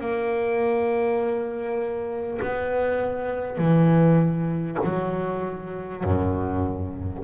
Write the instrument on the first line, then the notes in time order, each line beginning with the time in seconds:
double bass
0.00 A#3
2.42 B3
3.58 E3
4.84 F#3
6.04 F#2